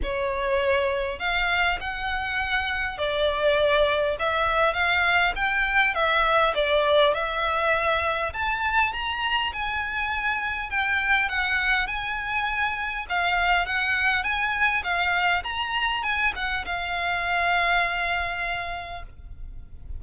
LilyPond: \new Staff \with { instrumentName = "violin" } { \time 4/4 \tempo 4 = 101 cis''2 f''4 fis''4~ | fis''4 d''2 e''4 | f''4 g''4 e''4 d''4 | e''2 a''4 ais''4 |
gis''2 g''4 fis''4 | gis''2 f''4 fis''4 | gis''4 f''4 ais''4 gis''8 fis''8 | f''1 | }